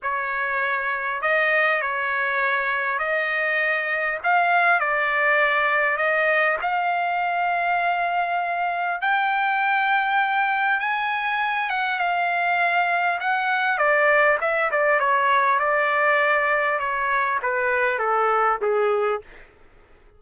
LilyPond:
\new Staff \with { instrumentName = "trumpet" } { \time 4/4 \tempo 4 = 100 cis''2 dis''4 cis''4~ | cis''4 dis''2 f''4 | d''2 dis''4 f''4~ | f''2. g''4~ |
g''2 gis''4. fis''8 | f''2 fis''4 d''4 | e''8 d''8 cis''4 d''2 | cis''4 b'4 a'4 gis'4 | }